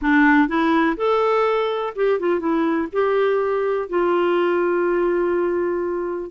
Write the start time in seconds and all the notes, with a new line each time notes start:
0.01 D4
0.48 E4
0.96 A4
1.95 G4
2.19 F4
2.39 E4
2.92 G4
3.89 F4